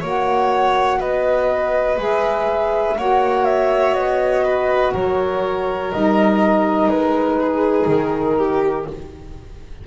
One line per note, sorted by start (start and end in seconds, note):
0.00 0.99 A#3
0.00 1.96 F#4
0.00 0.98 C#5
0.00 1.00 F#5
0.99 1.98 B3
0.99 2.96 B4
0.99 1.98 D#5
1.96 2.96 G#3
1.96 2.94 G#4
1.96 2.98 E5
2.97 3.94 A#3
2.97 5.92 F#4
2.97 4.44 C#5
2.97 3.44 F#5
3.44 3.93 E5
3.94 4.92 B3
3.94 4.92 D#5
4.44 4.93 B4
4.93 5.92 F#3
4.93 7.39 A#4
4.93 5.91 C#5
5.91 6.87 G3
5.91 8.87 D#4
5.91 6.89 D#5
6.87 7.85 G#3
6.87 7.88 B4
7.40 8.37 G#4
7.87 8.85 D#3
7.87 8.86 A#4
8.37 8.86 G4